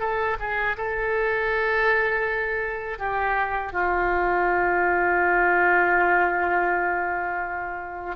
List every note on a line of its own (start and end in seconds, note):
0.00 0.37 A4
0.39 0.76 G#4
0.77 2.98 A4
2.98 3.72 G4
3.72 8.16 F4